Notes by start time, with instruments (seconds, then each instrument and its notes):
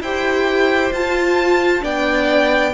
0.00 cello E4, viola G4, violin C5 G5
0.91 cello F4, viola F4, violin A5
1.81 cello B3, viola D4, violin D5 G5